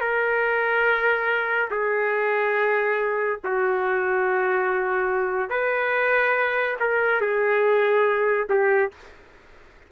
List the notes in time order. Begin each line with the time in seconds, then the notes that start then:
0.00 A#4
1.70 G#4
3.44 F#4
5.49 B4
6.80 A#4
7.21 G#4
8.49 G4